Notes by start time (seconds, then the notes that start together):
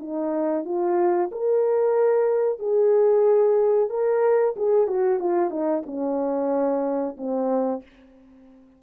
0.00 D#4
0.65 F4
1.32 A#4
2.60 G#4
3.90 A#4
4.57 G#4
4.88 F#4
5.20 F4
5.51 D#4
5.86 C#4
7.17 C4